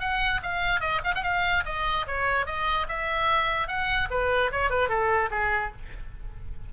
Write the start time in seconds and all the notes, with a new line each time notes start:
0.00 F#5
0.43 F5
0.80 D#5
1.04 F5
1.15 F#5
1.23 F5
1.65 D#5
2.07 C#5
2.46 D#5
2.88 E5
3.68 F#5
4.10 B4
4.52 C#5
4.70 B4
4.89 A4
5.31 G#4